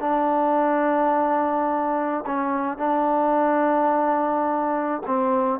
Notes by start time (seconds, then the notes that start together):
0.00 D4
2.26 C#4
2.78 D4
5.06 C4